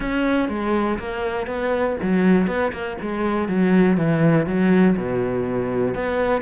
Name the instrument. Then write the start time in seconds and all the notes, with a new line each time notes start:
cello
0.00 C#4
0.48 G#3
0.98 A#3
1.47 B3
2.02 F#3
2.47 B3
2.72 A#3
3.01 G#3
3.48 F#3
3.97 E3
4.46 F#3
4.97 B2
5.94 B3